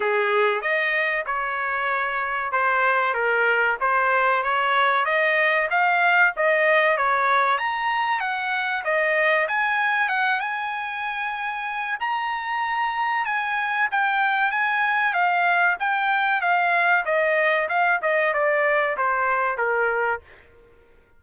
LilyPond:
\new Staff \with { instrumentName = "trumpet" } { \time 4/4 \tempo 4 = 95 gis'4 dis''4 cis''2 | c''4 ais'4 c''4 cis''4 | dis''4 f''4 dis''4 cis''4 | ais''4 fis''4 dis''4 gis''4 |
fis''8 gis''2~ gis''8 ais''4~ | ais''4 gis''4 g''4 gis''4 | f''4 g''4 f''4 dis''4 | f''8 dis''8 d''4 c''4 ais'4 | }